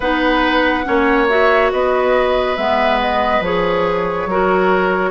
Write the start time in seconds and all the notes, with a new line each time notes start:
0.00 B3 D#4 B4 F#5
0.84 A#3 C#4 C#5
1.28 F#4 E5
1.72 B3 B4 D#5
2.56 G#3 B3 E5
3.00 D#5
3.40 F3 G#4 C#5
4.26 F#3 F#4 A#4